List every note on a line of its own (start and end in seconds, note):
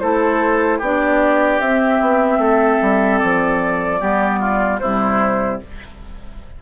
0.00 0.81 A3
0.00 0.82 E4
0.00 0.79 A4
0.00 0.80 C5
0.79 1.60 B3
0.79 1.62 D4
0.79 2.39 G4
0.79 1.60 D5
1.60 2.00 C4
1.60 3.99 C4
1.60 3.19 E5
2.01 2.38 B3
2.38 2.78 A3
2.38 4.00 A4
2.82 3.22 G3
3.19 4.02 F3
3.19 4.79 D5
3.99 4.81 G3
3.99 4.79 B3
3.99 4.40 G4
4.40 4.80 F4
4.79 5.61 C3
4.79 5.62 G3
4.79 5.62 E4
4.79 5.59 C5